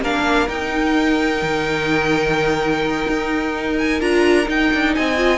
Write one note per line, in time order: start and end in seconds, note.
0.00 0.47 A#3
0.00 0.48 D4
0.00 4.95 A#4
0.00 0.48 F5
0.48 4.00 D#4
0.48 1.42 D#4
0.48 3.76 G5
1.42 3.06 D#3
3.08 4.01 D#4
3.78 4.01 G#5
4.00 4.48 D4
4.00 4.44 F4
4.00 4.48 A#5
4.44 5.15 D#4
4.44 4.72 D#4
4.44 4.95 G5
4.73 4.97 D4
4.95 5.38 C4
4.95 5.38 D#5
4.95 5.38 G#5
5.17 5.38 F4